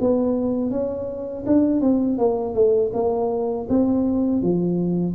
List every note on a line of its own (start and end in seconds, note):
0.00 0.70 B3
0.70 1.44 C#4
1.46 1.81 D4
1.81 2.18 C4
2.18 2.54 A#3
2.54 2.91 A3
2.93 3.67 A#3
3.69 4.42 C4
4.42 5.15 F3